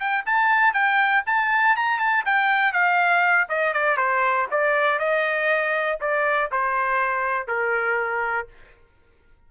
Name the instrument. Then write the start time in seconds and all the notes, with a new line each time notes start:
trumpet
0.00 G5
0.26 A5
0.74 G5
1.27 A5
1.76 A#5
2.00 A5
2.26 G5
2.73 F5
3.49 D#5
3.74 D5
3.97 C5
4.51 D5
4.99 D#5
6.01 D5
6.52 C5
7.48 A#4